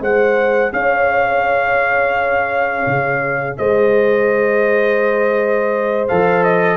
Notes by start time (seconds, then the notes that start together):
0.00 G#3 G#4 C5 F#5
0.72 C#4 C#5 F5
2.86 C#3
3.57 G#3 C5 D#5
6.08 F3 A4 F5
6.43 D#5